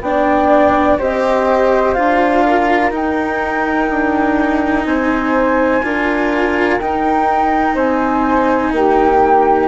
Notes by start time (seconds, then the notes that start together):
0.00 B3 D4 D5 G5
0.98 C4 G4 C5 D#5
1.93 D4 F4 F5
2.45 A#4
2.91 D#4 G5
3.89 D4
4.85 C4 C5 G#5
5.82 D4 F4 A#4
6.79 D#4 G5
7.75 C4 C5 G#5
8.72 A#3 G4 G5